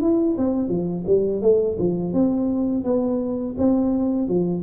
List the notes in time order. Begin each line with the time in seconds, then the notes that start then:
0.00 E4
0.37 C4
0.68 F3
1.06 G3
1.41 A3
1.78 F3
2.13 C4
2.84 B3
3.57 C4
4.28 F3